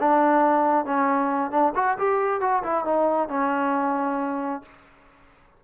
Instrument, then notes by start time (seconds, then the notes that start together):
trombone
0.00 D4
0.86 C#4
1.51 D4
1.76 F#4
1.99 G4
2.41 F#4
2.64 E4
2.85 D#4
3.29 C#4